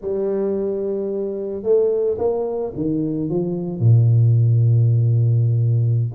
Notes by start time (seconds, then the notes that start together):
0.01 G3
1.62 A3
2.18 A#3
2.75 D#3
3.29 F3
3.79 A#2